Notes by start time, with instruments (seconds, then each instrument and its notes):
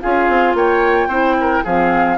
0.00 bassoon C#4, clarinet F4, oboe G#4, flute F5
0.28 bassoon C4
0.54 bassoon A#3, oboe C#5, flute G5
1.07 bassoon C4, clarinet E4, oboe C5
1.40 oboe A#4
1.63 bassoon F3, clarinet C4, oboe G#4, flute F5